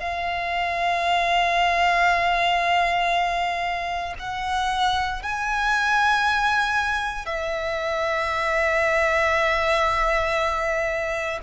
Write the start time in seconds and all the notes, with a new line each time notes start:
0.00 F5
4.19 F#5
5.23 G#5
7.26 E5